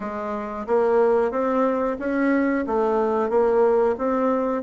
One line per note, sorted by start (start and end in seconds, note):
0.00 0.66 G#3
0.67 1.31 A#3
1.31 1.97 C4
1.99 2.65 C#4
2.66 3.29 A3
3.29 3.95 A#3
3.98 4.62 C4